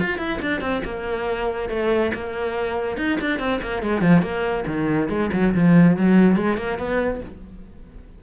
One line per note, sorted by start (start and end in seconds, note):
0.00 0.18 F4
0.18 0.40 E4
0.42 0.61 D4
0.61 0.83 C4
0.85 1.70 A#3
1.70 2.12 A3
2.15 2.97 A#3
2.97 3.19 D#4
3.21 3.40 D4
3.40 3.61 C4
3.63 3.83 A#3
3.83 4.02 G#3
4.02 4.23 F3
4.23 4.65 A#3
4.67 5.09 D#3
5.09 5.31 G#3
5.33 5.55 F#3
5.55 5.97 F3
5.97 6.37 F#3
6.37 6.58 G#3
6.58 6.79 A#3
6.79 7.21 B3